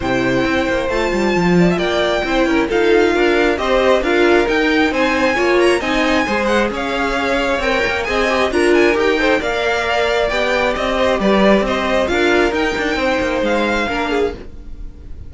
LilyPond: <<
  \new Staff \with { instrumentName = "violin" } { \time 4/4 \tempo 4 = 134 g''2 a''2 | g''2 f''2 | dis''4 f''4 g''4 gis''4~ | gis''8 ais''8 gis''4. fis''8 f''4~ |
f''4 g''4 gis''4 ais''8 gis''8 | g''4 f''2 g''4 | dis''4 d''4 dis''4 f''4 | g''2 f''2 | }
  \new Staff \with { instrumentName = "violin" } { \time 4/4 c''2.~ c''8 d''16 e''16 | d''4 c''8 ais'8 a'4 ais'4 | c''4 ais'2 c''4 | cis''4 dis''4 c''4 cis''4~ |
cis''2 dis''4 ais'4~ | ais'8 c''8 d''2.~ | d''8 c''8 b'4 c''4 ais'4~ | ais'4 c''2 ais'8 gis'8 | }
  \new Staff \with { instrumentName = "viola" } { \time 4/4 e'2 f'2~ | f'4 e'4 f'2 | g'4 f'4 dis'2 | f'4 dis'4 gis'2~ |
gis'4 ais'4 gis'8 g'8 f'4 | g'8 a'8 ais'2 g'4~ | g'2. f'4 | dis'2. d'4 | }
  \new Staff \with { instrumentName = "cello" } { \time 4/4 c4 c'8 ais8 a8 g8 f4 | ais4 c'8 cis'8 dis'4 d'4 | c'4 d'4 dis'4 c'4 | ais4 c'4 gis4 cis'4~ |
cis'4 c'8 ais8 c'4 d'4 | dis'4 ais2 b4 | c'4 g4 c'4 d'4 | dis'8 d'8 c'8 ais8 gis4 ais4 | }
>>